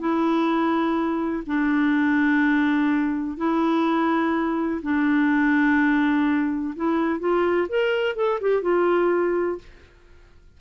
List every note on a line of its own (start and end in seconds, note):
0.00 1.44 E4
1.47 3.38 D4
3.38 4.82 E4
4.83 6.75 D4
6.76 7.20 E4
7.20 7.68 F4
7.69 8.16 A#4
8.16 8.40 A4
8.41 8.63 G4
8.63 9.59 F4